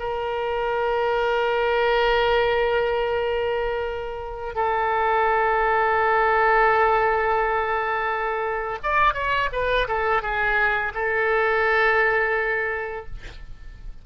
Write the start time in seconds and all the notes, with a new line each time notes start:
0.00 A#4
4.56 A4
8.83 D5
9.14 C#5
9.52 B4
9.88 A4
10.23 G#4
10.95 A4